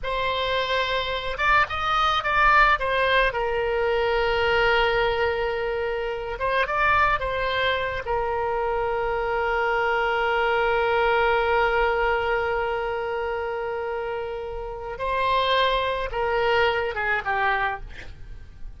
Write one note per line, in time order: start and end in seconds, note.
0.03 1.37 C5
1.37 1.65 D5
1.69 2.23 D#5
2.23 2.79 D5
2.79 3.32 C5
3.32 6.38 A#4
6.39 6.66 C5
6.66 7.19 D5
7.19 8.03 C5
8.05 14.98 A#4
14.98 16.09 C5
16.11 16.94 A#4
16.94 17.22 G#4
17.24 17.80 G4